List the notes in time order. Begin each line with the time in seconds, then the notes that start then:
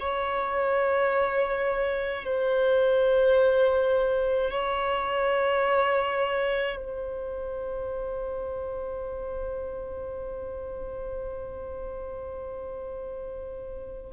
0.00 C#5
2.24 C5
4.50 C#5
6.76 C5